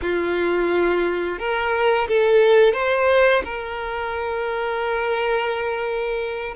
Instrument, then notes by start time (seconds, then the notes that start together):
violin
0.01 F4
1.38 A#4
2.08 A4
2.73 C5
3.44 A#4